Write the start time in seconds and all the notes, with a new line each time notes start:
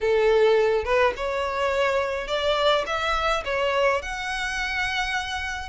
0.01 A4
0.84 B4
1.16 C#5
2.27 D5
2.86 E5
3.44 C#5
4.02 F#5